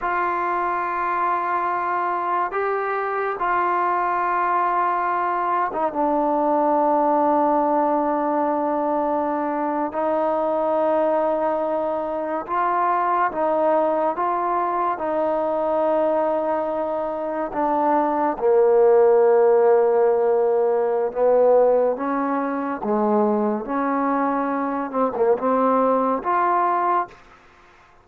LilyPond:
\new Staff \with { instrumentName = "trombone" } { \time 4/4 \tempo 4 = 71 f'2. g'4 | f'2~ f'8. dis'16 d'4~ | d'2.~ d'8. dis'16~ | dis'2~ dis'8. f'4 dis'16~ |
dis'8. f'4 dis'2~ dis'16~ | dis'8. d'4 ais2~ ais16~ | ais4 b4 cis'4 gis4 | cis'4. c'16 ais16 c'4 f'4 | }